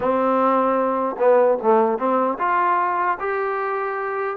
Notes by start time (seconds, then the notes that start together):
0.00 C4
1.18 B3
1.62 A3
1.98 C4
2.39 F4
3.19 G4